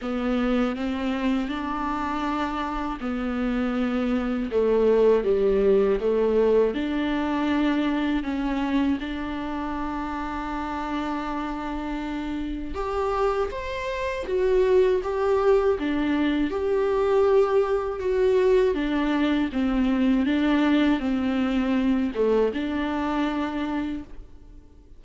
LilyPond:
\new Staff \with { instrumentName = "viola" } { \time 4/4 \tempo 4 = 80 b4 c'4 d'2 | b2 a4 g4 | a4 d'2 cis'4 | d'1~ |
d'4 g'4 c''4 fis'4 | g'4 d'4 g'2 | fis'4 d'4 c'4 d'4 | c'4. a8 d'2 | }